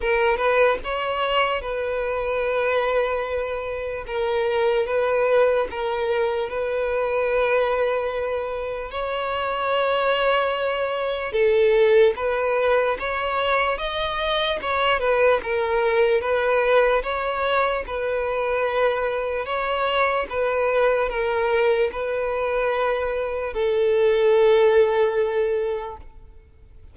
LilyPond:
\new Staff \with { instrumentName = "violin" } { \time 4/4 \tempo 4 = 74 ais'8 b'8 cis''4 b'2~ | b'4 ais'4 b'4 ais'4 | b'2. cis''4~ | cis''2 a'4 b'4 |
cis''4 dis''4 cis''8 b'8 ais'4 | b'4 cis''4 b'2 | cis''4 b'4 ais'4 b'4~ | b'4 a'2. | }